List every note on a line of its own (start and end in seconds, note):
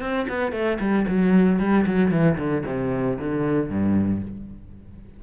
0.00 0.26 C4
0.29 0.52 B3
0.52 0.78 A3
0.79 1.06 G3
1.07 1.59 F#3
1.59 1.85 G3
1.86 2.11 F#3
2.11 2.37 E3
2.38 2.64 D3
2.66 3.18 C3
3.18 3.69 D3
3.69 4.22 G2